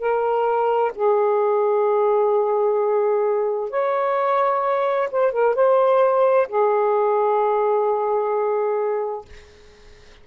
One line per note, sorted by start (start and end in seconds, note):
0.00 0.92 A#4
0.95 3.70 G#4
3.70 5.09 C#5
5.12 5.32 C5
5.32 5.56 A#4
5.56 6.48 C5
6.49 9.26 G#4